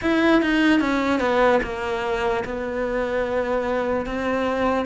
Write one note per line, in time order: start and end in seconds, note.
0.01 0.42 E4
0.42 0.80 D#4
0.80 1.19 C#4
1.19 1.60 B3
1.62 2.43 A#3
2.45 4.05 B3
4.05 4.85 C4